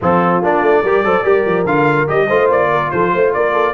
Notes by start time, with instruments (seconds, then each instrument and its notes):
0.01 tuba F3, trombone C4, horn F4, trumpet A4
0.41 tuba A#3, trombone D4, trumpet D5
0.61 tuba A3
0.82 tuba G3, trombone G4, horn A#4
1.04 tuba F#3, trombone A4, horn C5
1.23 tuba G3, trombone G4, horn A#4
1.46 tuba F3
1.65 tuba D3, trombone F4, trumpet F5
2.07 tuba G3, trombone G4, trumpet D#5
2.27 tuba A3, trombone F4, horn C5
2.49 tuba A#3, trumpet D5
2.70 horn A#4
2.91 tuba F3, horn A4, trumpet C5
3.12 tuba A3, horn C5
3.33 tuba A#3, horn A#4, trumpet D5
3.53 horn A4